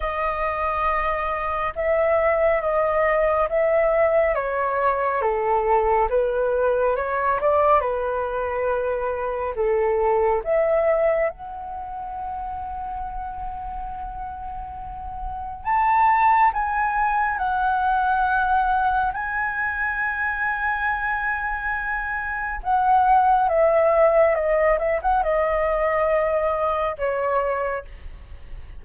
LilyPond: \new Staff \with { instrumentName = "flute" } { \time 4/4 \tempo 4 = 69 dis''2 e''4 dis''4 | e''4 cis''4 a'4 b'4 | cis''8 d''8 b'2 a'4 | e''4 fis''2.~ |
fis''2 a''4 gis''4 | fis''2 gis''2~ | gis''2 fis''4 e''4 | dis''8 e''16 fis''16 dis''2 cis''4 | }